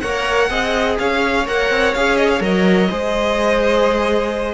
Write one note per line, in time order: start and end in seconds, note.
0.00 0.49 A#3
0.00 0.49 A#4
0.00 0.49 C#5
0.00 0.96 F#5
0.49 0.97 C4
0.49 1.45 G#4
0.49 0.97 D#5
0.98 1.47 C#4
0.98 2.90 C#5
0.98 1.46 F5
1.46 1.70 A#3
1.46 1.94 A#4
1.46 1.94 F#5
1.70 1.94 C4
1.94 2.40 C#4
1.94 2.40 G#4
1.94 2.17 F5
2.17 2.29 D#5
2.29 2.41 F5
2.40 2.88 F#3
2.40 2.88 A#4
2.40 4.54 D#5
2.89 4.54 G#3
2.89 4.54 G#4
2.89 4.54 C5